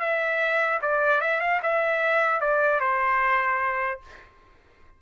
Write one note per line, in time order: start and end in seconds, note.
0.00 0.80 E5
0.82 1.21 D5
1.21 1.41 E5
1.41 1.61 F5
1.63 2.40 E5
2.40 2.80 D5
2.80 4.00 C5